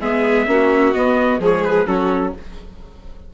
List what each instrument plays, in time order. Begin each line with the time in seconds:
0.00 bassoon G#3, viola B3, violin G#4, trumpet E5
0.47 bassoon A#3, viola C#4, violin F#4
0.94 viola B3, bassoon B3, trumpet D#5
1.40 bassoon F3, viola G#3, violin G#4, trumpet C#5
1.65 trumpet B4
1.87 bassoon F#3, viola C#4, violin F#4, trumpet A4